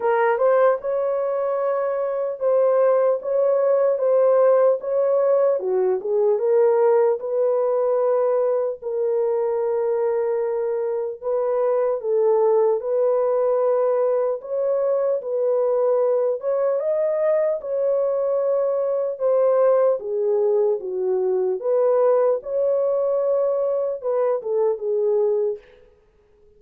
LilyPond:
\new Staff \with { instrumentName = "horn" } { \time 4/4 \tempo 4 = 75 ais'8 c''8 cis''2 c''4 | cis''4 c''4 cis''4 fis'8 gis'8 | ais'4 b'2 ais'4~ | ais'2 b'4 a'4 |
b'2 cis''4 b'4~ | b'8 cis''8 dis''4 cis''2 | c''4 gis'4 fis'4 b'4 | cis''2 b'8 a'8 gis'4 | }